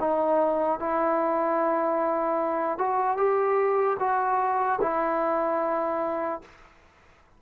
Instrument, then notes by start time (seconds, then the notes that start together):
trombone
0.00 D#4
0.80 E4
2.79 F#4
3.17 G4
4.00 F#4
4.82 E4